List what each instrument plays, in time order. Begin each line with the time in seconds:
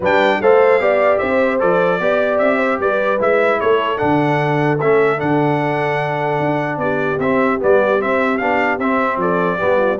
0.00 tuba G3, trombone D4, horn B4, trumpet G5
0.41 tuba A3, trombone A4, horn C5, trumpet F5
0.79 tuba B3, trombone G4, horn D5
1.18 tuba C4, horn C5, trumpet E5
1.59 tuba F3, trombone A4, trumpet D5
1.99 tuba B3, trombone G4, horn D5
2.38 tuba C4, trumpet E5
2.57 horn C5
2.79 tuba G3, horn B4, trumpet D5
3.19 tuba G#3, trombone E4, trumpet E5
3.60 tuba A3, horn A4, trumpet C#5
3.97 tuba D3, trombone D4, trumpet F#5
4.80 tuba A3, trombone C#4, trumpet E5
5.17 tuba D3, trombone D4, trumpet F#5
6.39 tuba D4
6.77 tuba B3, horn G4, trumpet D5
7.18 tuba C4, trombone C4, trumpet E5
7.59 tuba G3, trombone B3, trumpet D5
7.99 trombone C4, tuba C4, trumpet E5
8.37 tuba B3, trombone D4, trumpet F5
8.78 tuba C4, trombone C4, trumpet E5
9.17 tuba F3, horn A4, trumpet D5
9.58 tuba G3, trombone B3, horn G4
9.78 horn F4